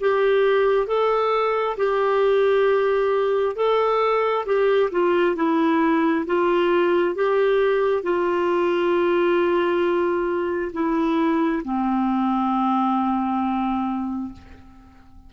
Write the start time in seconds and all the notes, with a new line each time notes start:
0.00 G4
0.87 A4
1.77 G4
3.56 A4
4.45 G4
4.91 F4
5.35 E4
6.26 F4
7.14 G4
8.03 F4
10.73 E4
11.64 C4